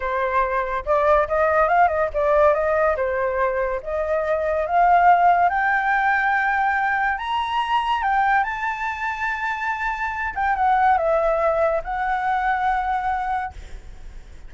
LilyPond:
\new Staff \with { instrumentName = "flute" } { \time 4/4 \tempo 4 = 142 c''2 d''4 dis''4 | f''8 dis''8 d''4 dis''4 c''4~ | c''4 dis''2 f''4~ | f''4 g''2.~ |
g''4 ais''2 g''4 | a''1~ | a''8 g''8 fis''4 e''2 | fis''1 | }